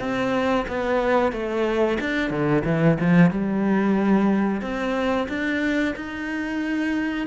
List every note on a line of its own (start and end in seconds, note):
0.00 0.66 C4
0.68 1.32 B3
1.32 1.98 A3
2.00 2.30 D4
2.30 2.63 D3
2.65 2.98 E3
3.01 3.31 F3
3.31 4.62 G3
4.62 5.27 C4
5.29 5.95 D4
5.96 7.27 D#4